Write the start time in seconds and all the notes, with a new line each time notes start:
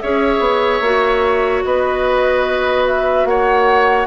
0.00 C#4 G#4 C#5 E5
0.39 B3
0.80 A#3 F#4
1.64 B3 B4 D#5
2.86 E5
3.24 A#3 C#5 F#5